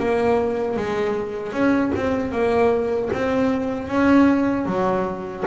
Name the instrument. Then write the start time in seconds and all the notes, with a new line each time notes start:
double bass
0.00 A#3
0.77 G#3
1.53 C#4
1.96 C4
2.32 A#3
3.13 C4
3.88 C#4
4.66 F#3